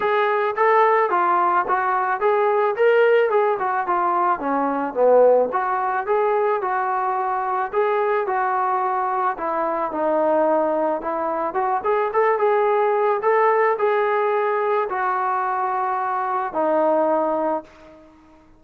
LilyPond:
\new Staff \with { instrumentName = "trombone" } { \time 4/4 \tempo 4 = 109 gis'4 a'4 f'4 fis'4 | gis'4 ais'4 gis'8 fis'8 f'4 | cis'4 b4 fis'4 gis'4 | fis'2 gis'4 fis'4~ |
fis'4 e'4 dis'2 | e'4 fis'8 gis'8 a'8 gis'4. | a'4 gis'2 fis'4~ | fis'2 dis'2 | }